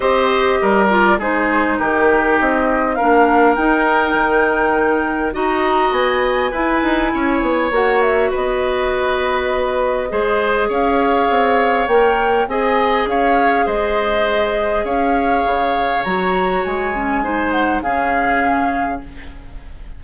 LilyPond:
<<
  \new Staff \with { instrumentName = "flute" } { \time 4/4 \tempo 4 = 101 dis''4. d''8 c''4 ais'4 | dis''4 f''4 g''2~ | g''4 ais''4 gis''2~ | gis''4 fis''8 e''8 dis''2~ |
dis''2 f''2 | g''4 gis''4 f''4 dis''4~ | dis''4 f''2 ais''4 | gis''4. fis''8 f''2 | }
  \new Staff \with { instrumentName = "oboe" } { \time 4/4 c''4 ais'4 gis'4 g'4~ | g'4 ais'2.~ | ais'4 dis''2 b'4 | cis''2 b'2~ |
b'4 c''4 cis''2~ | cis''4 dis''4 cis''4 c''4~ | c''4 cis''2.~ | cis''4 c''4 gis'2 | }
  \new Staff \with { instrumentName = "clarinet" } { \time 4/4 g'4. f'8 dis'2~ | dis'4 d'4 dis'2~ | dis'4 fis'2 e'4~ | e'4 fis'2.~ |
fis'4 gis'2. | ais'4 gis'2.~ | gis'2. fis'4~ | fis'8 cis'8 dis'4 cis'2 | }
  \new Staff \with { instrumentName = "bassoon" } { \time 4/4 c'4 g4 gis4 dis4 | c'4 ais4 dis'4 dis4~ | dis4 dis'4 b4 e'8 dis'8 | cis'8 b8 ais4 b2~ |
b4 gis4 cis'4 c'4 | ais4 c'4 cis'4 gis4~ | gis4 cis'4 cis4 fis4 | gis2 cis2 | }
>>